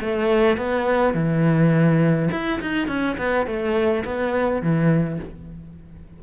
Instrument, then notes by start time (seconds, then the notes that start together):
cello
0.00 A3
0.57 B3
1.14 E3
2.31 E4
2.61 D#4
2.87 C#4
3.17 B3
3.46 A3
4.04 B3
4.62 E3